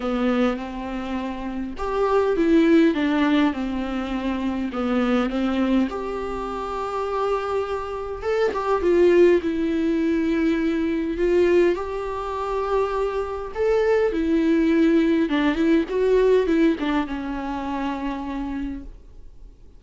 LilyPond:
\new Staff \with { instrumentName = "viola" } { \time 4/4 \tempo 4 = 102 b4 c'2 g'4 | e'4 d'4 c'2 | b4 c'4 g'2~ | g'2 a'8 g'8 f'4 |
e'2. f'4 | g'2. a'4 | e'2 d'8 e'8 fis'4 | e'8 d'8 cis'2. | }